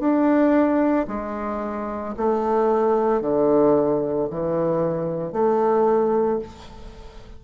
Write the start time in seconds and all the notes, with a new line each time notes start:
0.00 D4
1.08 G#3
2.17 A3
3.22 D3
4.30 E3
5.33 A3